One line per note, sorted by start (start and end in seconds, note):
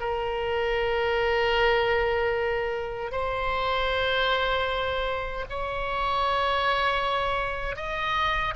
0.00 3.11 A#4
3.11 5.45 C5
5.49 7.76 C#5
7.76 8.54 D#5